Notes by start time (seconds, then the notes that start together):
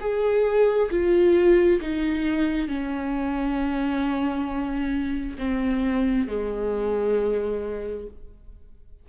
0.00 G#4
0.91 F4
1.81 D#4
2.68 C#4
5.39 C4
6.28 G#3